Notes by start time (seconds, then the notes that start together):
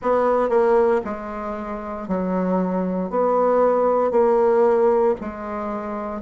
0.01 B3
0.49 A#3
1.04 G#3
2.07 F#3
3.10 B3
4.11 A#3
5.21 G#3